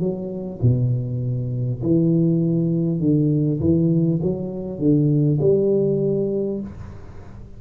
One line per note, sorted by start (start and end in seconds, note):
0.00 0.60 F#3
0.62 1.82 B2
1.82 3.00 E3
3.00 3.60 D3
3.61 4.21 E3
4.23 4.79 F#3
4.79 5.39 D3
5.41 6.61 G3